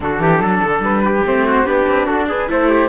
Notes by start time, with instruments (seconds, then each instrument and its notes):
0.00 cello D3, viola D4, trumpet F#4, flute A4
0.19 cello E3, trumpet G4
0.39 cello F#3, trumpet A4
0.63 cello D3
0.79 cello G3, flute B4
1.05 trumpet G4
1.26 cello A3, viola C4, flute C5
1.46 trumpet F#4
1.63 cello B3, viola D4, trumpet G4, flute B4
1.88 cello C4
2.05 cello D4, trumpet F#4, flute A4
2.28 trumpet G#4, flute B4
2.47 cello A3, viola E4, trumpet A4, flute C5
2.69 trumpet G4